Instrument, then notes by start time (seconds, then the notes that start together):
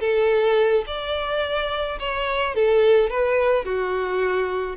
violin
0.00 A4
0.87 D5
1.99 C#5
2.55 A4
3.10 B4
3.64 F#4